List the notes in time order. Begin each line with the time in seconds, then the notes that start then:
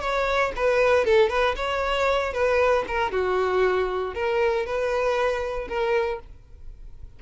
0.00 C#5
0.56 B4
1.04 A4
1.29 B4
1.56 C#5
2.33 B4
2.87 A#4
3.11 F#4
4.14 A#4
4.66 B4
5.68 A#4